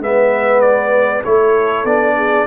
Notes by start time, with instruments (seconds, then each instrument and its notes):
0.00 tuba G#3, trombone B3, horn B4, trumpet E5
0.61 trumpet D5
1.24 tuba A3, trombone E4, horn A4, trumpet C#5
1.84 tuba B3, trombone D4, trumpet D5
2.16 horn G#4